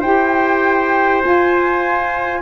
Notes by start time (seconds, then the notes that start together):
0.00 E4 G4 C5 G5
1.22 F4 G#5